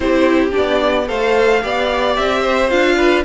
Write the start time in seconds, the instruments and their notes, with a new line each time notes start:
0.00 cello C4, viola E4, violin G4 C5
0.50 cello B3, viola D4, violin D5
1.07 cello A3, viola A4, violin C5 F5
1.62 cello B3, viola G4, violin D5
2.16 cello C4, violin E5
2.41 violin C5
2.69 cello D4, viola F4, violin F5
2.97 violin B4